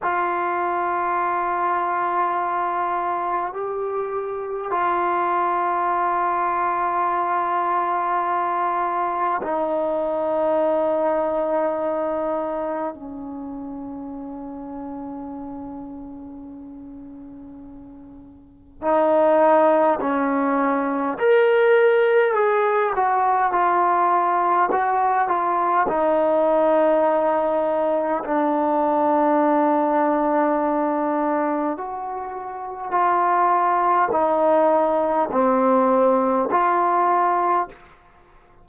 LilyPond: \new Staff \with { instrumentName = "trombone" } { \time 4/4 \tempo 4 = 51 f'2. g'4 | f'1 | dis'2. cis'4~ | cis'1 |
dis'4 cis'4 ais'4 gis'8 fis'8 | f'4 fis'8 f'8 dis'2 | d'2. fis'4 | f'4 dis'4 c'4 f'4 | }